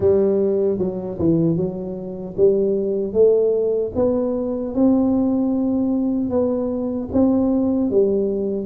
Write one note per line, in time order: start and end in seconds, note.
0.00 0.78 G3
0.78 1.17 F#3
1.18 1.56 E3
1.56 2.35 F#3
2.36 3.13 G3
3.13 3.92 A3
3.95 4.74 B3
4.74 6.29 C4
6.29 7.08 B3
7.12 7.90 C4
7.90 8.66 G3